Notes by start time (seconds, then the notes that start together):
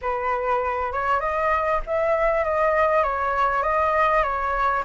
0.01 B4
0.92 C#5
1.20 D#5
1.86 E5
2.44 D#5
3.03 C#5
3.63 D#5
4.23 C#5